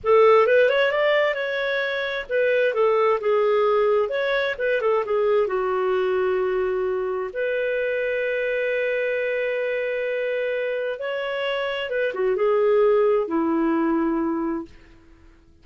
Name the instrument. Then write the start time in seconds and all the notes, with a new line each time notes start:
clarinet
0.03 A4
0.46 B4
0.69 C#5
0.91 D5
1.34 C#5
2.29 B4
2.74 A4
3.20 G#4
4.09 C#5
4.58 B4
4.81 A4
5.05 G#4
5.47 F#4
7.33 B4
10.99 C#5
11.89 B4
12.14 F#4
12.36 G#4
13.27 E4